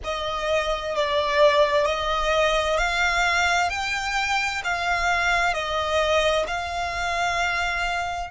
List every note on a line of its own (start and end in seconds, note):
0.03 0.95 D#5
0.95 1.85 D5
1.85 2.77 D#5
2.77 3.69 F5
3.69 4.62 G5
4.64 5.53 F5
5.53 6.45 D#5
6.47 8.30 F5